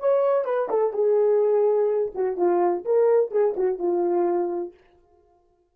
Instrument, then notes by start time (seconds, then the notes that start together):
horn
0.00 C#5
0.45 B4
0.69 A4
0.93 G#4
2.15 F#4
2.37 F4
2.85 A#4
3.31 G#4
3.57 F#4
3.79 F4